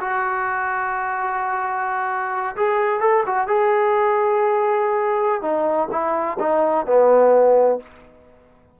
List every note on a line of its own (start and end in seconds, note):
0.00 2.56 F#4
2.56 3.00 G#4
3.00 3.23 A4
3.26 3.47 F#4
3.47 5.42 G#4
5.42 5.88 D#4
5.91 6.38 E4
6.39 6.86 D#4
6.86 7.79 B3